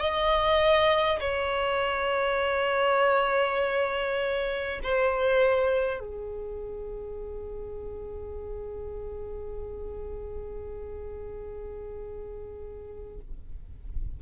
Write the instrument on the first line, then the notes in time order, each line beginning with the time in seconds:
violin
0.00 D#5
1.20 C#5
4.83 C5
5.99 G#4